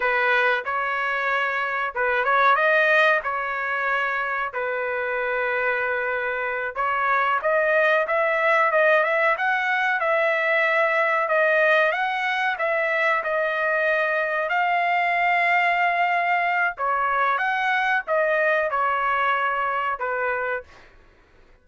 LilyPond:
\new Staff \with { instrumentName = "trumpet" } { \time 4/4 \tempo 4 = 93 b'4 cis''2 b'8 cis''8 | dis''4 cis''2 b'4~ | b'2~ b'8 cis''4 dis''8~ | dis''8 e''4 dis''8 e''8 fis''4 e''8~ |
e''4. dis''4 fis''4 e''8~ | e''8 dis''2 f''4.~ | f''2 cis''4 fis''4 | dis''4 cis''2 b'4 | }